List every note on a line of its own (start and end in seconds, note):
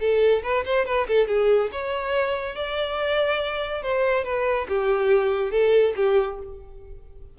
0.00 0.43 A4
0.43 0.64 B4
0.65 0.86 C5
0.86 1.07 B4
1.08 1.28 A4
1.28 1.70 G#4
1.72 2.56 C#5
2.56 3.83 D5
3.83 4.25 C5
4.25 4.67 B4
4.69 5.51 G4
5.51 5.94 A4
5.96 6.38 G4